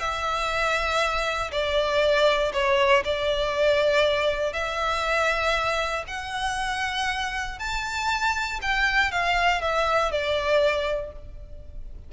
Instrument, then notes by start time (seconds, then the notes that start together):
violin
0.00 E5
1.52 D5
2.53 C#5
3.05 D5
4.53 E5
6.08 F#5
7.59 A5
8.62 G5
9.11 F5
9.62 E5
10.12 D5